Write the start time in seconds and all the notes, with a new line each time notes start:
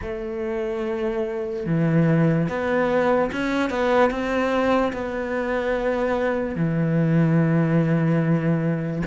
0.01 A3
1.66 E3
2.48 B3
3.31 C#4
3.70 B3
4.10 C4
4.92 B3
6.55 E3